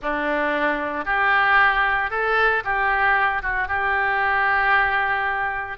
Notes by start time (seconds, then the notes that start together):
0.01 D4
1.05 G4
2.10 A4
2.64 G4
3.42 F#4
3.68 G4